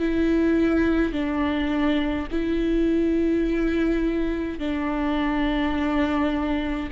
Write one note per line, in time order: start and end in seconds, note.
0.00 1.13 E4
1.13 2.28 D4
2.32 4.59 E4
4.59 6.90 D4